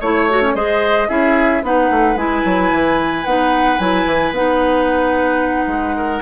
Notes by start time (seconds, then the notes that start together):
0.00 A3 E4 C#5
0.30 F#4
0.41 C#4
0.54 G#3 G#4 C5 D#5
1.07 C#4 E4 G#4 E5
1.62 B3 D#4 B4 F#5
1.90 A3
2.15 G#3 E4 G#5
2.44 F#3
2.71 E3
3.24 B3 D#4 F#5
3.78 F#3 E4 G#5
4.05 E3
4.31 B3 D#4 F#5
5.66 G#3
5.96 A#4